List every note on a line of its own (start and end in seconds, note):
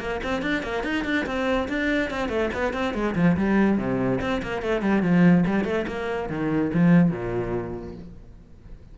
0.00 0.21 A#3
0.24 0.42 C4
0.42 0.63 D4
0.63 0.84 A#3
0.84 1.05 D#4
1.05 1.26 D4
1.26 1.68 C4
1.69 2.11 D4
2.11 2.29 C4
2.29 2.50 A3
2.54 2.73 B3
2.73 2.94 C4
2.94 3.15 G#3
3.16 3.37 F3
3.37 3.78 G3
3.78 4.20 C3
4.21 4.42 C4
4.43 4.62 A#3
4.62 4.82 A3
4.82 5.03 G3
5.03 5.45 F3
5.47 5.65 G3
5.65 5.86 A3
5.88 6.30 A#3
6.30 6.72 D#3
6.74 7.11 F3
7.11 7.95 A#2